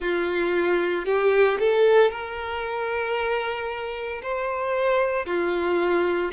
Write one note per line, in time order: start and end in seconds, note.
0.00 1.05 F4
1.05 1.57 G4
1.59 2.11 A4
2.11 4.21 A#4
4.22 5.26 C5
5.26 6.31 F4